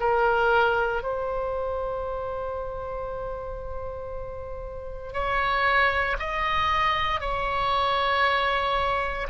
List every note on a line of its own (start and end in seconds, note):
0.00 1.03 A#4
1.03 5.13 C5
5.13 6.16 C#5
6.19 7.20 D#5
7.20 9.27 C#5